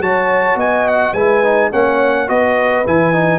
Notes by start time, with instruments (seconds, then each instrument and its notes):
0.00 tuba F#3, trombone F#4, horn C#5, trumpet A5
0.55 tuba B3, horn D#5, trumpet G#5
0.88 trumpet F#5
1.13 tuba G#3, trombone E4, horn B4, trumpet G#5
1.43 trombone D#4
1.71 tuba A#3, trombone C#4, horn C#5, trumpet F#5
2.27 tuba B3, trombone F#4, horn B4, trumpet D#5
2.86 tuba E3, trombone E4, trumpet G#5
3.13 trombone D#4